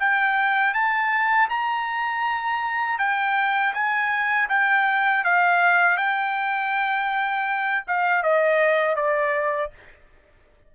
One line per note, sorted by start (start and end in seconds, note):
0.00 0.74 G5
0.74 1.49 A5
1.50 2.99 A#5
2.99 3.74 G5
3.74 4.49 G#5
4.49 5.24 G5
5.24 5.97 F5
5.97 7.85 G5
7.88 8.23 F5
8.23 8.96 D#5
8.96 9.71 D5